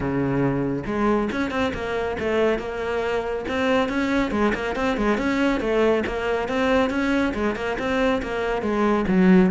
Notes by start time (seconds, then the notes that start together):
0.00 C#3
0.86 G#3
1.32 C#4
1.50 C4
1.74 A#3
2.19 A3
2.58 A#3
3.47 C4
3.88 C#4
4.31 G#3
4.54 A#3
4.75 C4
4.97 G#3
5.17 C#4
5.60 A3
6.06 A#3
6.48 C4
6.89 C#4
7.34 G#3
7.55 A#3
7.78 C4
8.22 A#3
8.62 G#3
9.07 F#3